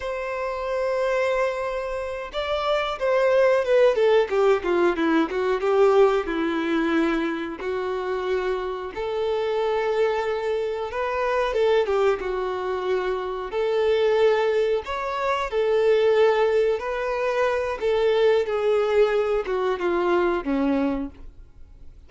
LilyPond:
\new Staff \with { instrumentName = "violin" } { \time 4/4 \tempo 4 = 91 c''2.~ c''8 d''8~ | d''8 c''4 b'8 a'8 g'8 f'8 e'8 | fis'8 g'4 e'2 fis'8~ | fis'4. a'2~ a'8~ |
a'8 b'4 a'8 g'8 fis'4.~ | fis'8 a'2 cis''4 a'8~ | a'4. b'4. a'4 | gis'4. fis'8 f'4 cis'4 | }